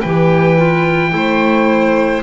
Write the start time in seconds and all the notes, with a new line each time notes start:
0.00 E3 G4 B4 G5
0.57 F4
1.10 A3 E4 C5